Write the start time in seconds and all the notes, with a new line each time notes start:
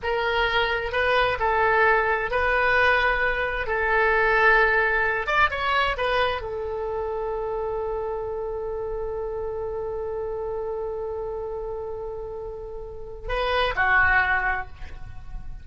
0.02 A#4
0.92 B4
1.39 A4
2.30 B4
3.66 A4
5.27 D5
5.50 C#5
5.97 B4
6.41 A4
13.28 B4
13.75 F#4